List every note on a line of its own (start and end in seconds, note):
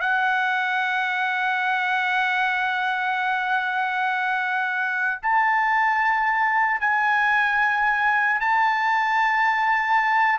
0.00 5.20 F#5
5.22 6.80 A5
6.80 8.40 G#5
8.40 10.38 A5